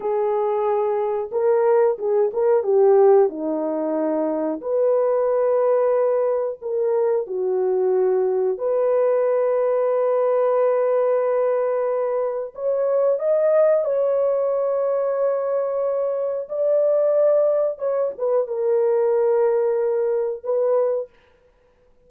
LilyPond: \new Staff \with { instrumentName = "horn" } { \time 4/4 \tempo 4 = 91 gis'2 ais'4 gis'8 ais'8 | g'4 dis'2 b'4~ | b'2 ais'4 fis'4~ | fis'4 b'2.~ |
b'2. cis''4 | dis''4 cis''2.~ | cis''4 d''2 cis''8 b'8 | ais'2. b'4 | }